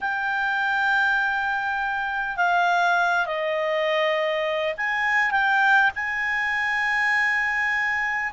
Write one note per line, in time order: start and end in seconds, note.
0.00 2.37 G5
2.37 3.25 F5
3.25 4.74 D#5
4.77 5.31 G#5
5.31 5.90 G5
5.95 8.32 G#5